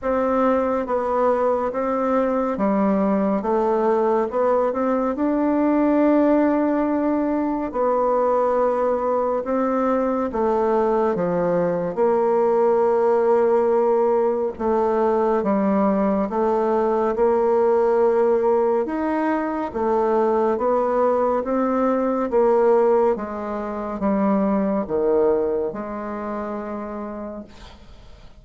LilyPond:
\new Staff \with { instrumentName = "bassoon" } { \time 4/4 \tempo 4 = 70 c'4 b4 c'4 g4 | a4 b8 c'8 d'2~ | d'4 b2 c'4 | a4 f4 ais2~ |
ais4 a4 g4 a4 | ais2 dis'4 a4 | b4 c'4 ais4 gis4 | g4 dis4 gis2 | }